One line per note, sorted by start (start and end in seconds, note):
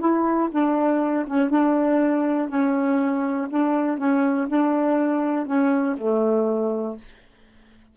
0.00 0.50 E4
0.52 1.26 D4
1.27 1.50 C#4
1.50 2.49 D4
2.49 3.48 C#4
3.50 3.98 D4
3.98 4.47 C#4
4.48 5.46 D4
5.46 5.96 C#4
5.98 6.97 A3